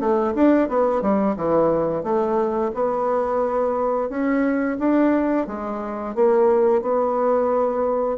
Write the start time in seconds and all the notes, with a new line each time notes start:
0.00 A3
0.35 D4
0.69 B3
1.02 G3
1.36 E3
2.04 A3
2.74 B3
4.09 C#4
4.79 D4
5.47 G#3
6.15 A#3
6.82 B3